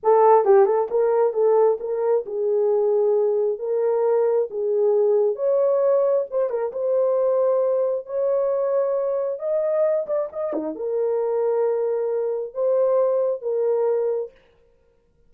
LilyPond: \new Staff \with { instrumentName = "horn" } { \time 4/4 \tempo 4 = 134 a'4 g'8 a'8 ais'4 a'4 | ais'4 gis'2. | ais'2 gis'2 | cis''2 c''8 ais'8 c''4~ |
c''2 cis''2~ | cis''4 dis''4. d''8 dis''8 dis'8 | ais'1 | c''2 ais'2 | }